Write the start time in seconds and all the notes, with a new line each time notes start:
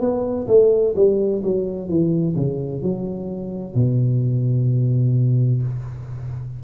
0.00 B3
0.48 A3
0.95 G3
1.43 F#3
1.88 E3
2.36 C#3
2.82 F#3
3.75 B2